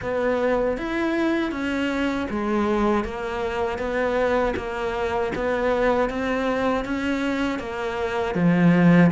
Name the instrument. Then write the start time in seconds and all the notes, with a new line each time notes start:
cello
0.01 B3
0.77 E4
1.51 C#4
2.30 G#3
3.04 A#3
3.78 B3
4.56 A#3
5.35 B3
6.09 C4
6.84 C#4
7.59 A#3
8.34 F3